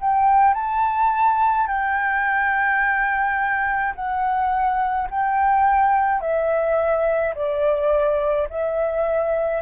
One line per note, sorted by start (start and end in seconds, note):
0.00 0.54 G5
0.54 1.67 A5
1.67 3.94 G5
3.95 5.08 F#5
5.10 6.21 G5
6.21 7.34 E5
7.34 8.48 D5
8.49 9.61 E5